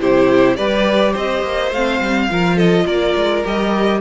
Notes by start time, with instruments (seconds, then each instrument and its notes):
0.00 cello C3, viola E4, violin G4 C5
0.56 cello G3, viola G4, violin B4 D5
1.12 cello C4, violin C5 D#5
1.42 cello A#3
1.71 cello A3, viola C4, violin F5
2.00 cello G3
2.30 cello F3, viola F4, violin A#4
2.56 violin A4 D#5
2.85 cello A#3, violin A#4 D5
3.15 cello G#3
3.44 cello G3, viola G4, violin D#5